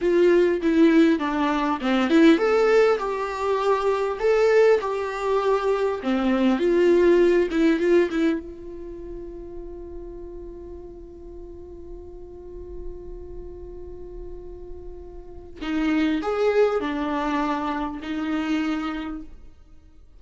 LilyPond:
\new Staff \with { instrumentName = "viola" } { \time 4/4 \tempo 4 = 100 f'4 e'4 d'4 c'8 e'8 | a'4 g'2 a'4 | g'2 c'4 f'4~ | f'8 e'8 f'8 e'8 f'2~ |
f'1~ | f'1~ | f'2 dis'4 gis'4 | d'2 dis'2 | }